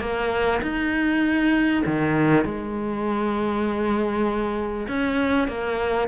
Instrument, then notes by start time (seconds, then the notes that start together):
cello
0.00 A#3
0.62 D#4
1.86 D#3
2.44 G#3
4.88 C#4
5.48 A#3